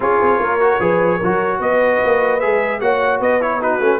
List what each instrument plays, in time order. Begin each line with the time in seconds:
0.00 tuba C#4, trombone F4, horn G#4, trumpet C#5
0.21 tuba C4
0.39 tuba A#3, horn A#4
0.60 trombone F#4
0.79 tuba F3, trombone G#4, horn B4
1.17 tuba F#3, trombone F#4, horn A#4
1.59 tuba B3, horn B4, trumpet D#5
2.03 tuba A#3
2.40 tuba G#3, trombone G#4, trumpet E5
2.80 tuba A#3, trombone F#4, horn C#5, trumpet F#5
3.19 tuba B3, horn B4, trumpet D#5
3.40 trombone E4, trumpet C#5
3.60 trombone D#4, horn F#4, trumpet B4
3.79 tuba A3, trombone C#4